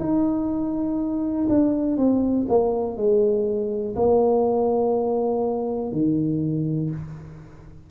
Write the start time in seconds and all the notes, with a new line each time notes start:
0.00 D#4
1.49 D4
1.98 C4
2.49 A#3
2.97 G#3
3.96 A#3
5.92 D#3